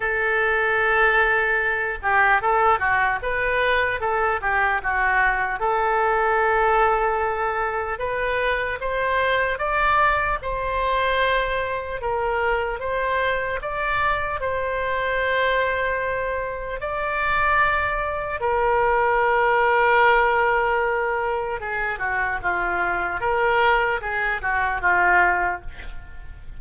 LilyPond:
\new Staff \with { instrumentName = "oboe" } { \time 4/4 \tempo 4 = 75 a'2~ a'8 g'8 a'8 fis'8 | b'4 a'8 g'8 fis'4 a'4~ | a'2 b'4 c''4 | d''4 c''2 ais'4 |
c''4 d''4 c''2~ | c''4 d''2 ais'4~ | ais'2. gis'8 fis'8 | f'4 ais'4 gis'8 fis'8 f'4 | }